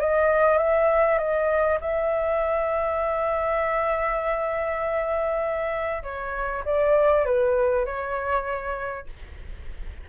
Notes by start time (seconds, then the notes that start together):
0.00 D#5
0.58 E5
1.18 D#5
1.80 E5
6.03 C#5
6.65 D5
7.25 B4
7.85 C#5